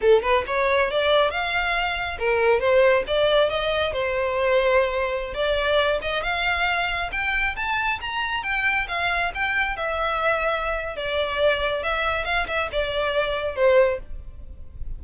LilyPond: \new Staff \with { instrumentName = "violin" } { \time 4/4 \tempo 4 = 137 a'8 b'8 cis''4 d''4 f''4~ | f''4 ais'4 c''4 d''4 | dis''4 c''2.~ | c''16 d''4. dis''8 f''4.~ f''16~ |
f''16 g''4 a''4 ais''4 g''8.~ | g''16 f''4 g''4 e''4.~ e''16~ | e''4 d''2 e''4 | f''8 e''8 d''2 c''4 | }